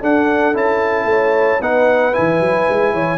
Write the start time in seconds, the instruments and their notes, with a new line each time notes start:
0.00 tuba D4, trombone D4, horn A4, trumpet F#5
0.53 tuba C#4, trombone E4, trumpet A5
1.04 tuba A3, horn C#5
1.60 tuba B3, trombone D#4, horn B4, trumpet F#5
2.12 tuba E3, trombone E4, trumpet G#5
2.40 tuba F#3
2.69 tuba G#3
2.92 tuba E3, horn C#5